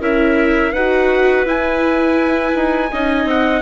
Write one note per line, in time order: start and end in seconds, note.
0.00 0.72 C#4
0.00 0.73 E4
0.00 0.73 A#4
0.00 0.73 E5
0.73 1.45 D#4
0.73 1.46 F#4
0.73 2.89 B4
0.73 1.45 F#5
1.45 2.54 E4
1.45 2.91 E4
1.45 3.29 G#5
2.55 2.91 D#4
2.91 3.25 C#4
2.91 3.62 D#4
2.91 3.62 D#5
3.25 3.61 C4
3.25 3.62 F#5